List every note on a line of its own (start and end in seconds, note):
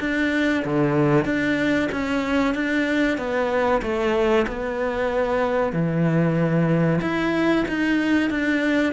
0.00 0.64 D4
0.65 1.25 D3
1.25 1.89 D4
1.92 2.55 C#4
2.55 3.18 D4
3.18 3.82 B3
3.83 4.47 A3
4.47 5.73 B3
5.73 7.00 E3
7.02 7.66 E4
7.69 8.30 D#4
8.30 8.93 D4